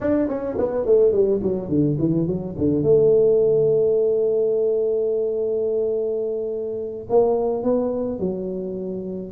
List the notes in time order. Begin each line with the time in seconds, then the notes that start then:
0.01 D4
0.28 C#4
0.58 B3
0.85 A3
1.12 G3
1.43 F#3
1.69 D3
1.99 E3
2.27 F#3
2.58 D3
2.83 A3
7.09 A#3
7.63 B3
8.19 F#3